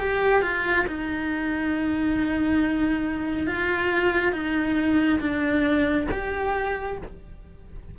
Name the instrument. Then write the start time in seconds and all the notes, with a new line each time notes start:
cello
0.00 G4
0.42 F4
0.87 D#4
3.47 F4
4.33 D#4
5.21 D4
6.11 G4